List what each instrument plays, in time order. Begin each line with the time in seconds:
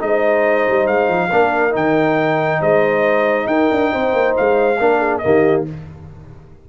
0.00 tuba G#3, trombone D#4, horn C5, trumpet D#5
0.69 tuba G3
0.87 tuba G#3, trumpet F5
1.09 tuba F3
1.31 tuba A#3, trombone D4, horn A#4
1.71 tuba D#3, trombone D#4, trumpet G5
2.60 tuba G#3, horn C5, trumpet D#5
3.47 tuba D#4, horn A#4, trumpet G5
3.72 tuba D4
3.92 tuba C4, horn C5
4.14 tuba A#3
4.37 tuba G#3, trumpet F5
4.79 tuba A#3, trombone D4, horn A#4
4.99 horn G#4
5.18 trombone A#3, trumpet D#5
5.25 tuba D#3, horn G4